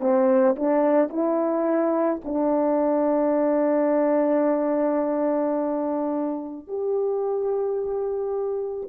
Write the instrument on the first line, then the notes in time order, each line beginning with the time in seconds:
horn
0.00 C4
0.56 D4
1.09 E4
2.24 D4
6.67 G4